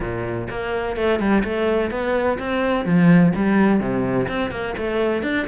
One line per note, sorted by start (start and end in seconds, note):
0.00 0.48 A#2
0.50 0.96 A#3
0.96 1.19 A3
1.19 1.43 G3
1.44 1.90 A3
1.90 2.38 B3
2.38 2.85 C4
2.85 3.32 F3
3.35 3.80 G3
3.80 4.27 C3
4.28 4.50 C4
4.50 4.74 A#3
4.77 5.23 A3
5.23 5.46 D4